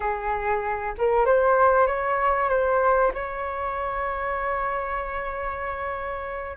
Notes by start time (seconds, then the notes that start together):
0.00 G#4
0.98 A#4
1.25 C5
1.86 C#5
2.49 C5
3.14 C#5